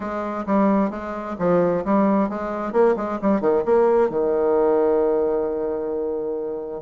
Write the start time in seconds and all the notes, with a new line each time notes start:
0.00 G#3
0.46 G3
0.90 G#3
1.38 F3
1.84 G3
2.29 G#3
2.72 A#3
2.96 G#3
3.21 G3
3.40 D#3
3.65 A#3
4.09 D#3